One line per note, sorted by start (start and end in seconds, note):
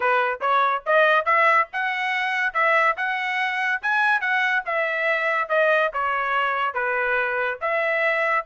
0.00 0.40 B4
0.41 0.83 C#5
0.86 1.25 D#5
1.25 1.67 E5
1.72 2.53 F#5
2.53 2.95 E5
2.96 3.81 F#5
3.81 4.20 G#5
4.20 4.63 F#5
4.65 5.48 E5
5.48 5.91 D#5
5.93 6.74 C#5
6.74 7.58 B4
7.61 8.45 E5